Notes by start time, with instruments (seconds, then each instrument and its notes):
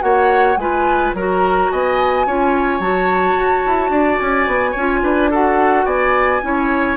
0.00 bassoon A#3, clarinet F#4, oboe C#5, flute F#5
0.57 bassoon G#3, clarinet F4, oboe B4, flute G#5
1.14 bassoon F#3, clarinet F#4, oboe A#4, flute A#5
1.72 bassoon B3, oboe D#5, flute G#5
2.27 bassoon C#4, clarinet F4, oboe C#5
2.80 bassoon F#3, clarinet F#4, flute A5
3.37 bassoon F#4
3.66 bassoon E4
3.90 bassoon D4, oboe D5
4.19 bassoon C#4, flute G#5
4.47 bassoon B3
4.71 bassoon C#4, oboe C#5
4.79 clarinet F4
5.02 bassoon D4, oboe B4
5.31 clarinet F#4, oboe A4, flute F#5
5.86 bassoon B3, oboe D5, flute G#5
6.42 bassoon C#4, clarinet E4, oboe C#5